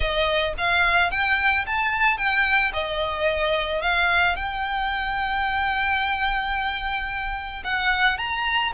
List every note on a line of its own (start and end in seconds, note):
0.00 0.53 D#5
0.57 1.11 F5
1.11 1.65 G5
1.66 2.17 A5
2.17 2.71 G5
2.73 3.81 D#5
3.81 4.35 F5
4.35 7.63 G5
7.64 8.17 F#5
8.17 8.72 A#5